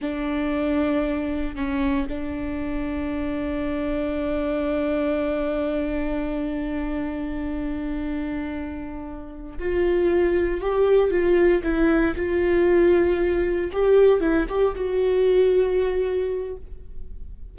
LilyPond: \new Staff \with { instrumentName = "viola" } { \time 4/4 \tempo 4 = 116 d'2. cis'4 | d'1~ | d'1~ | d'1~ |
d'2~ d'8 f'4.~ | f'8 g'4 f'4 e'4 f'8~ | f'2~ f'8 g'4 e'8 | g'8 fis'2.~ fis'8 | }